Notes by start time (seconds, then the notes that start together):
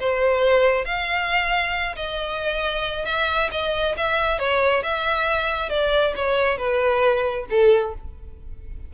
0.00 C5
0.85 F5
1.96 D#5
3.06 E5
3.51 D#5
3.97 E5
4.39 C#5
4.83 E5
5.70 D5
6.16 C#5
6.58 B4
7.50 A4